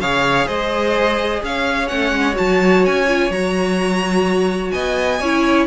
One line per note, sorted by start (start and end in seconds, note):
0.00 0.47 C#3
0.00 1.87 G#4
0.00 0.47 C#5
0.00 0.48 F5
0.47 1.43 G#3
0.47 1.41 C5
0.47 1.42 D#5
1.43 1.90 C#4
1.43 4.73 C#5
1.43 1.88 F5
1.87 2.12 A3
1.87 2.33 C#4
1.87 2.35 F#5
2.12 2.36 G#3
2.33 3.04 F#4
2.33 2.85 A5
2.40 2.87 F#3
2.85 3.30 C#4
2.85 3.32 G#5
3.08 3.31 F4
3.30 4.72 F#3
3.30 5.21 F#4
3.30 4.71 A#5
4.71 5.20 B3
4.71 5.20 D#5
4.71 5.66 G#5
5.20 5.66 C#4
5.20 5.66 E4
5.20 5.66 C#5